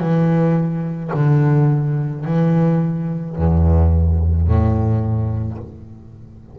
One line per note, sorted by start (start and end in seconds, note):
0.00 1.11 E3
1.14 2.25 D3
2.25 3.36 E3
3.36 4.47 E2
4.47 5.58 A2